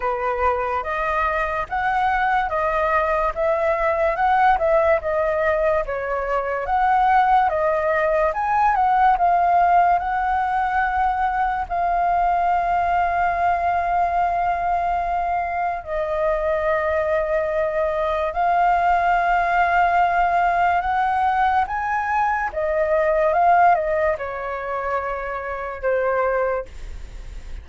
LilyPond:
\new Staff \with { instrumentName = "flute" } { \time 4/4 \tempo 4 = 72 b'4 dis''4 fis''4 dis''4 | e''4 fis''8 e''8 dis''4 cis''4 | fis''4 dis''4 gis''8 fis''8 f''4 | fis''2 f''2~ |
f''2. dis''4~ | dis''2 f''2~ | f''4 fis''4 gis''4 dis''4 | f''8 dis''8 cis''2 c''4 | }